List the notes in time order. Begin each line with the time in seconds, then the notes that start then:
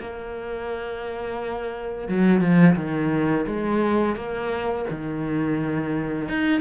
0.00 A#3
2.08 F#3
2.40 F3
2.76 D#3
3.46 G#3
4.15 A#3
4.90 D#3
6.29 D#4